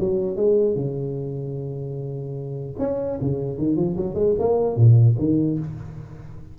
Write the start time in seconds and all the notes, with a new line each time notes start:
0.00 F#3
0.36 G#3
0.75 C#3
2.79 C#4
3.21 C#3
3.58 D#3
3.76 F3
3.97 F#3
4.15 G#3
4.39 A#3
4.76 A#2
5.19 D#3